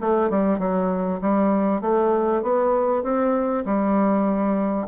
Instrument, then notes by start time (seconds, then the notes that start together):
bassoon
0.00 A3
0.29 G3
0.58 F#3
1.21 G3
1.81 A3
2.42 B3
3.03 C4
3.65 G3